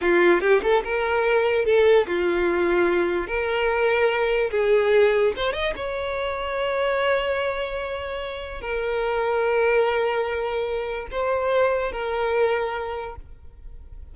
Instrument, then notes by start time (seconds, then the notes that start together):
violin
0.01 F4
0.40 G4
0.62 A4
0.83 A#4
1.65 A4
2.07 F4
3.27 A#4
4.51 G#4
5.36 C5
5.53 D#5
5.76 C#5
8.61 A#4
11.11 C5
11.92 A#4